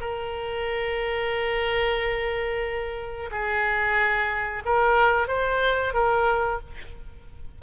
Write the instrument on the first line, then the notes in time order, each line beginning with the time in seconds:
oboe
0.00 A#4
3.31 G#4
4.65 A#4
5.27 C5
5.93 A#4